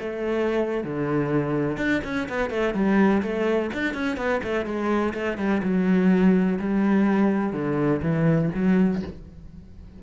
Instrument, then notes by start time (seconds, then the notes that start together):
cello
0.00 A3
0.84 D3
1.77 D4
2.04 C#4
2.29 B3
2.50 A3
2.74 G3
3.23 A3
3.74 D4
3.94 C#4
4.17 B3
4.43 A3
4.66 G#3
5.14 A3
5.38 G3
5.63 F#3
6.60 G3
7.53 D3
8.02 E3
8.54 F#3